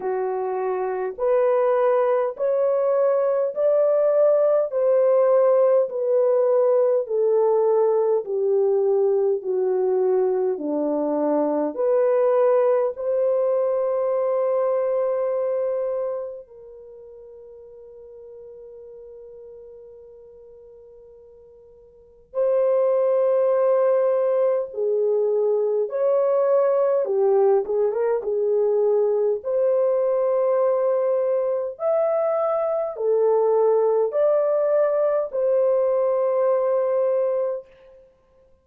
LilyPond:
\new Staff \with { instrumentName = "horn" } { \time 4/4 \tempo 4 = 51 fis'4 b'4 cis''4 d''4 | c''4 b'4 a'4 g'4 | fis'4 d'4 b'4 c''4~ | c''2 ais'2~ |
ais'2. c''4~ | c''4 gis'4 cis''4 g'8 gis'16 ais'16 | gis'4 c''2 e''4 | a'4 d''4 c''2 | }